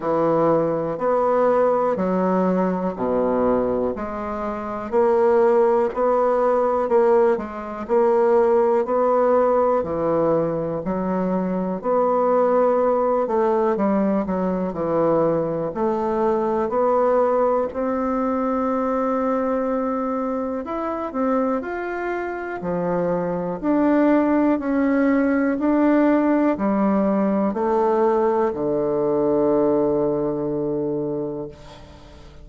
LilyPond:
\new Staff \with { instrumentName = "bassoon" } { \time 4/4 \tempo 4 = 61 e4 b4 fis4 b,4 | gis4 ais4 b4 ais8 gis8 | ais4 b4 e4 fis4 | b4. a8 g8 fis8 e4 |
a4 b4 c'2~ | c'4 e'8 c'8 f'4 f4 | d'4 cis'4 d'4 g4 | a4 d2. | }